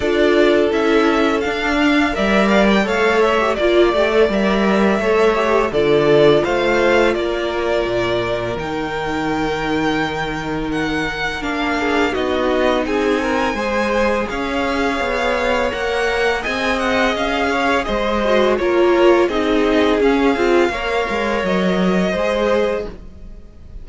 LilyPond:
<<
  \new Staff \with { instrumentName = "violin" } { \time 4/4 \tempo 4 = 84 d''4 e''4 f''4 e''8 f''16 g''16 | f''8 e''8 d''4 e''2 | d''4 f''4 d''2 | g''2. fis''4 |
f''4 dis''4 gis''2 | f''2 fis''4 gis''8 fis''8 | f''4 dis''4 cis''4 dis''4 | f''2 dis''2 | }
  \new Staff \with { instrumentName = "violin" } { \time 4/4 a'2~ a'8 f''8 d''4 | cis''4 d''2 cis''4 | a'4 c''4 ais'2~ | ais'1~ |
ais'8 gis'8 fis'4 gis'8 ais'8 c''4 | cis''2. dis''4~ | dis''8 cis''8 c''4 ais'4 gis'4~ | gis'4 cis''2 c''4 | }
  \new Staff \with { instrumentName = "viola" } { \time 4/4 f'4 e'4 d'4 ais'4 | a'8. g'16 f'8 g'16 a'16 ais'4 a'8 g'8 | f'1 | dis'1 |
d'4 dis'2 gis'4~ | gis'2 ais'4 gis'4~ | gis'4. fis'8 f'4 dis'4 | cis'8 f'8 ais'2 gis'4 | }
  \new Staff \with { instrumentName = "cello" } { \time 4/4 d'4 cis'4 d'4 g4 | a4 ais8 a8 g4 a4 | d4 a4 ais4 ais,4 | dis1 |
ais4 b4 c'4 gis4 | cis'4 b4 ais4 c'4 | cis'4 gis4 ais4 c'4 | cis'8 c'8 ais8 gis8 fis4 gis4 | }
>>